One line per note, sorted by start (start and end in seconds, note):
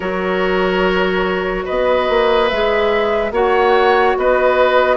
0.00 1.65 F#3
0.00 2.49 F#4
0.00 1.64 A#4
0.00 1.64 C#5
1.64 2.09 B3
1.64 3.31 B4
1.64 2.48 D#5
2.09 2.50 A#3
2.48 3.31 G#3
2.48 3.32 G#4
2.48 3.32 E5
3.31 4.14 A#3
3.31 4.96 F#4
3.31 4.17 C#5
3.31 4.17 F#5
4.17 4.96 B3
4.17 4.96 B4
4.17 4.96 D#5